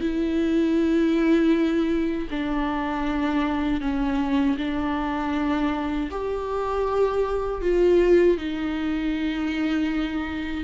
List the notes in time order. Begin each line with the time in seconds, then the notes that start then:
0.00 E4
2.30 D4
3.81 C#4
4.57 D4
6.11 G4
7.61 F4
8.37 D#4